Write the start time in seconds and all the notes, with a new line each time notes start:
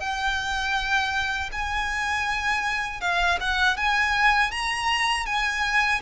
0.00 G5
1.52 G#5
3.01 F5
3.41 F#5
3.77 G#5
4.52 A#5
5.26 G#5